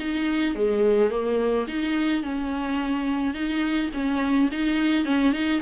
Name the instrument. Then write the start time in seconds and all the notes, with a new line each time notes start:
viola
0.00 D#4
0.56 G#3
1.11 A#3
1.68 D#4
2.23 C#4
3.35 D#4
3.94 C#4
4.52 D#4
5.06 C#4
5.33 D#4